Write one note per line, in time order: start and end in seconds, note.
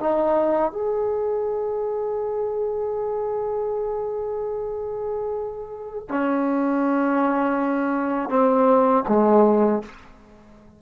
0.00 0.72 D#4
0.72 6.09 G#4
6.09 8.30 C#4
8.30 9.04 C4
9.09 9.83 G#3